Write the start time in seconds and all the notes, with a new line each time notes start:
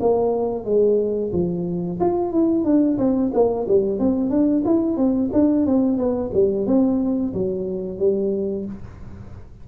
0.00 A#3
0.65 G#3
1.32 F3
2.00 F4
2.32 E4
2.64 D4
2.98 C4
3.33 A#3
3.68 G3
3.99 C4
4.30 D4
4.65 E4
4.97 C4
5.32 D4
5.66 C4
5.97 B3
6.34 G3
6.66 C4
7.33 F#3
7.98 G3